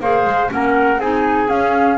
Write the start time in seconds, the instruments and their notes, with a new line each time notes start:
0.00 double bass A#3, clarinet G#4, trumpet C5, flute F5
0.25 double bass G#3
0.49 double bass A#3, clarinet C#4, trumpet A#4, flute F#5
0.98 double bass C4, clarinet D#4, trumpet G#4, flute G#5
1.48 clarinet C#4, double bass C#4, flute F5